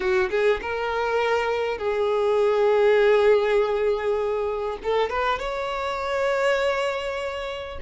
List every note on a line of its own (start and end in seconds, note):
0.00 0.29 F#4
0.30 0.60 G#4
0.61 1.78 A#4
1.78 4.78 G#4
4.83 5.09 A4
5.09 5.39 B4
5.39 7.79 C#5